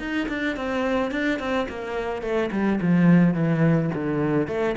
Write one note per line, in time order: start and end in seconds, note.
0.00 0.28 D#4
0.29 0.57 D4
0.57 1.11 C4
1.11 1.39 D4
1.39 1.67 C4
1.69 2.23 A#3
2.23 2.51 A3
2.52 2.80 G3
2.82 3.35 F3
3.35 3.91 E3
3.95 4.48 D3
4.48 4.76 A3